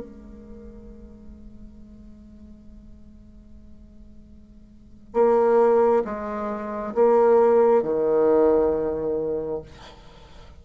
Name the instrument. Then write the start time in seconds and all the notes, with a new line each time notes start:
bassoon
0.00 G#3
5.13 A#3
6.05 G#3
6.95 A#3
7.83 D#3